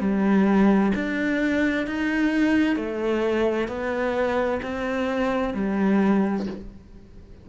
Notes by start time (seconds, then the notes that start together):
0.00 G3
0.95 D4
1.87 D#4
2.76 A3
3.68 B3
4.62 C4
5.54 G3